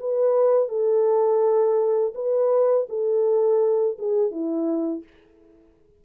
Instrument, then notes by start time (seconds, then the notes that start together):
horn
0.00 B4
0.69 A4
2.15 B4
2.89 A4
3.99 G#4
4.31 E4